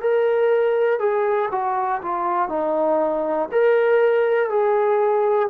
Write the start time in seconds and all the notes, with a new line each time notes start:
0.00 A#4
0.99 G#4
1.50 F#4
2.01 F4
2.48 D#4
3.51 A#4
4.49 G#4